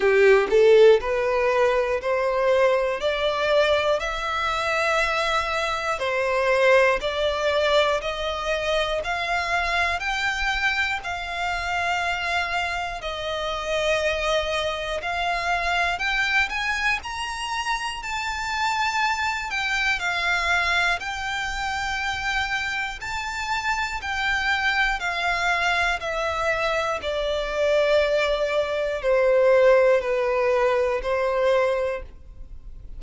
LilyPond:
\new Staff \with { instrumentName = "violin" } { \time 4/4 \tempo 4 = 60 g'8 a'8 b'4 c''4 d''4 | e''2 c''4 d''4 | dis''4 f''4 g''4 f''4~ | f''4 dis''2 f''4 |
g''8 gis''8 ais''4 a''4. g''8 | f''4 g''2 a''4 | g''4 f''4 e''4 d''4~ | d''4 c''4 b'4 c''4 | }